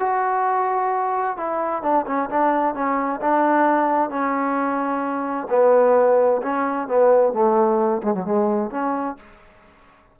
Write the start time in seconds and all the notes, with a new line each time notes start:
0.00 F#4
1.38 E4
1.83 D4
2.07 C#4
2.30 D4
2.75 C#4
3.21 D4
4.10 C#4
5.50 B3
6.43 C#4
6.88 B3
7.34 A3
8.03 G#3
8.14 F#3
8.25 G#3
8.71 C#4